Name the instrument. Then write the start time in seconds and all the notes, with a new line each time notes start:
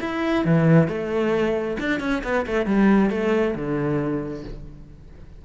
cello
0.00 E4
0.45 E3
0.88 A3
1.79 D4
2.00 C#4
2.23 B3
2.46 A3
2.66 G3
3.10 A3
3.55 D3